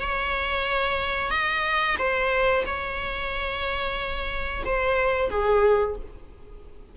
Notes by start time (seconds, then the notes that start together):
0.00 C#5
1.30 D#5
1.98 C5
2.66 C#5
4.65 C5
5.30 G#4